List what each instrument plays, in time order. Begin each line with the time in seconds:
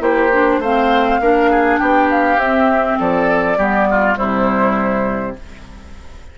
0.00 bassoon A#3, clarinet E4, oboe G4, flute C5
0.33 clarinet D4
0.59 bassoon A3, clarinet C4, oboe C5, flute F5
1.20 bassoon A#3, clarinet D4, oboe A#4
1.51 oboe G#4
1.78 bassoon B3, oboe G4, flute G5
2.10 flute F5
2.37 bassoon C4, clarinet C4, flute E5
2.99 bassoon F3, oboe A4, flute D5
3.58 bassoon G3, clarinet B3, oboe G4
3.90 oboe F4
4.15 bassoon C3, clarinet G3, oboe E4, flute C5